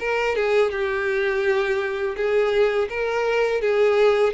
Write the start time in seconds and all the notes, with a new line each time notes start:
0.00 A#4
0.36 G#4
0.72 G4
2.17 G#4
2.89 A#4
3.61 G#4